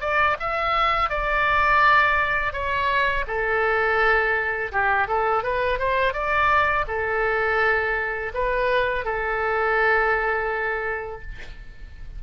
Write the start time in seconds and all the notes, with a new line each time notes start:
0.00 D5
0.39 E5
1.09 D5
2.52 C#5
3.27 A4
4.72 G4
5.07 A4
5.43 B4
5.79 C5
6.13 D5
6.88 A4
8.34 B4
9.05 A4